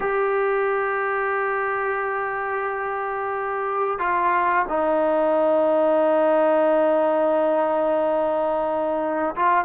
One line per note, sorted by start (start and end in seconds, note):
0.00 3.98 G4
3.98 4.65 F4
4.68 9.35 D#4
9.35 9.65 F4